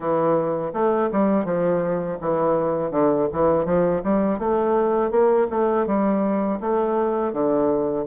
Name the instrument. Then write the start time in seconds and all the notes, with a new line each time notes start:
bassoon
0.00 E3
0.73 A3
1.11 G3
1.44 F3
2.20 E3
2.91 D3
3.32 E3
3.65 F3
4.03 G3
4.38 A3
5.11 A#3
5.50 A3
5.86 G3
6.60 A3
7.32 D3